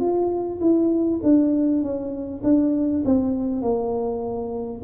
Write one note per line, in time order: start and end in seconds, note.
0.00 0.60 F4
0.61 1.21 E4
1.23 1.82 D4
1.82 2.42 C#4
2.43 3.03 D4
3.05 3.62 C4
3.62 4.82 A#3